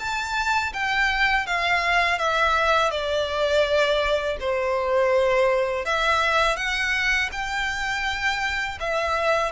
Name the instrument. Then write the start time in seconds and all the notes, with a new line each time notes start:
violin
0.00 A5
0.74 G5
1.47 F5
2.19 E5
2.91 D5
4.40 C5
5.86 E5
6.57 F#5
7.32 G5
8.81 E5